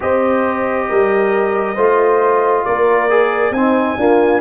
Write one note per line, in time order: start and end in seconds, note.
0.00 0.90 C4
0.00 1.76 G4
0.00 0.89 C5
0.00 2.65 D#5
0.89 1.76 G3
0.89 1.74 A#4
1.74 2.64 A3
1.74 3.09 F4
1.74 2.62 C5
2.65 3.51 A#3
2.65 3.53 A#4
2.65 3.52 D5
3.09 3.53 G#4
3.51 3.95 C4
3.51 3.98 C4
3.51 3.97 D#4
3.51 4.40 G#5
3.96 4.41 A#3
3.96 4.40 D4
3.96 4.41 F4